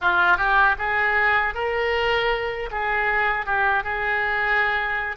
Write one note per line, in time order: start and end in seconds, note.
0.01 0.37 F4
0.37 0.75 G4
0.78 1.54 G#4
1.54 2.69 A#4
2.71 3.45 G#4
3.45 3.83 G4
3.83 5.16 G#4